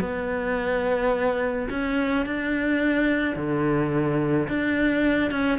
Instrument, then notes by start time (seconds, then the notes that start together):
cello
0.00 B3
1.70 C#4
2.26 D4
3.36 D3
4.48 D4
5.31 C#4